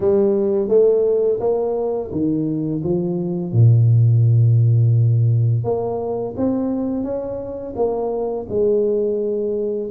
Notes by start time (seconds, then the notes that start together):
0.00 G3
0.68 A3
1.39 A#3
2.11 D#3
2.83 F3
3.52 A#2
5.64 A#3
6.37 C4
7.03 C#4
7.76 A#3
8.49 G#3